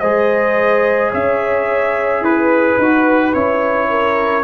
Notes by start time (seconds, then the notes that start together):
0.00 G#3 G#4 C5 D#5
1.11 C#4 C#5 E5
2.22 E4 B4
2.78 D#4 F#4
3.34 C#4 E4 C#5
3.90 A#4